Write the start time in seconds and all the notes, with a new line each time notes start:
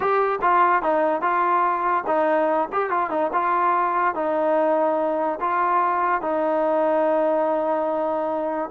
0.00 G4
0.41 F4
0.82 D#4
1.21 F4
2.06 D#4
2.72 G4
2.90 F4
3.10 D#4
3.32 F4
4.15 D#4
5.40 F4
6.21 D#4